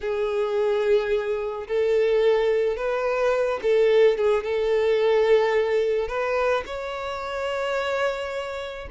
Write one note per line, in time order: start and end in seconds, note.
0.00 1.67 G#4
1.67 2.76 A4
2.76 3.60 B4
3.62 4.17 A4
4.17 4.43 G#4
4.43 6.08 A4
6.08 6.63 B4
6.66 8.88 C#5